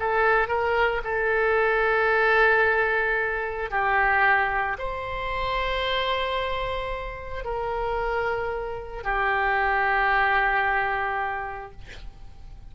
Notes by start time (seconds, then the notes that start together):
0.00 A4
0.49 A#4
1.04 A4
3.71 G4
4.79 C5
7.45 A#4
9.04 G4